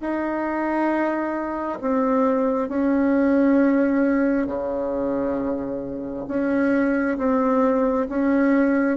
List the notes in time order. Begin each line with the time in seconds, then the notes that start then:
0.00 D#4
1.81 C4
2.68 C#4
4.46 C#3
6.28 C#4
7.17 C4
8.09 C#4